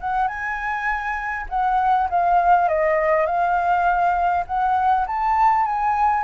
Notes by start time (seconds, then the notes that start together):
0.00 F#5
0.27 G#5
1.49 F#5
2.09 F5
2.68 D#5
3.26 F5
4.46 F#5
5.06 A5
5.65 G#5